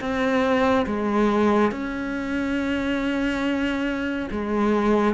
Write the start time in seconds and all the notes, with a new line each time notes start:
0.00 C4
0.86 G#3
1.71 C#4
4.31 G#3